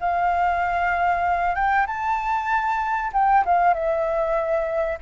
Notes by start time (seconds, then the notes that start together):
0.00 F5
1.55 G5
1.86 A5
3.13 G5
3.45 F5
3.74 E5